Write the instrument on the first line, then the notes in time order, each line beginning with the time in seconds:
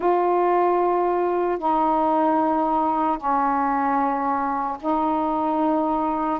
saxophone
0.00 F4
1.58 D#4
3.17 C#4
4.80 D#4